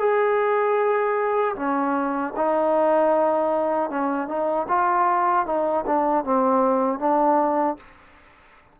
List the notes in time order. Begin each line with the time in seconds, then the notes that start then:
0.00 G#4
1.56 C#4
2.37 D#4
3.90 C#4
4.28 D#4
4.69 F4
5.47 D#4
5.87 D4
6.25 C4
7.00 D4